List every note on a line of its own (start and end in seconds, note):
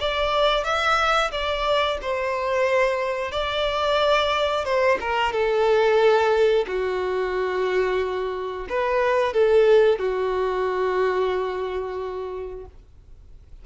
0.00 0.64 D5
0.64 1.31 E5
1.32 1.98 D5
2.02 3.32 C5
3.32 4.65 D5
4.65 4.98 C5
5.01 5.32 A#4
5.32 6.66 A4
6.68 8.68 F#4
8.69 9.33 B4
9.33 9.99 A4
9.99 12.65 F#4